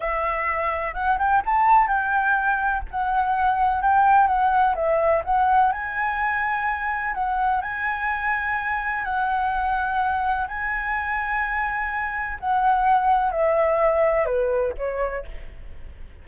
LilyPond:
\new Staff \with { instrumentName = "flute" } { \time 4/4 \tempo 4 = 126 e''2 fis''8 g''8 a''4 | g''2 fis''2 | g''4 fis''4 e''4 fis''4 | gis''2. fis''4 |
gis''2. fis''4~ | fis''2 gis''2~ | gis''2 fis''2 | e''2 b'4 cis''4 | }